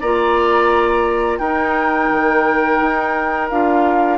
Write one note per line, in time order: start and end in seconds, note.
0.00 1.39 A#3
0.00 1.42 F4
0.00 1.40 D5
0.00 1.38 A#5
1.38 2.09 D#4
1.38 3.51 D#4
1.38 4.18 A#4
1.38 3.48 G5
2.12 2.81 D#3
2.81 3.51 D#4
3.49 4.18 D4
3.49 4.18 F4
3.49 4.18 F5